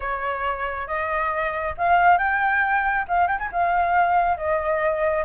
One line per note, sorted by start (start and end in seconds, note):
0.00 0.87 C#5
0.87 1.74 D#5
1.77 2.18 F5
2.18 3.05 G5
3.08 3.27 F5
3.27 3.38 G5
3.38 3.49 G#5
3.52 4.37 F5
4.37 5.25 D#5